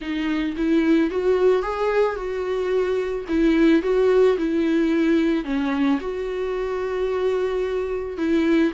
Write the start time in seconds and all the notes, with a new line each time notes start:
0.01 D#4
0.57 E4
1.10 F#4
1.62 G#4
2.16 F#4
3.28 E4
3.82 F#4
4.37 E4
5.44 C#4
6.00 F#4
8.17 E4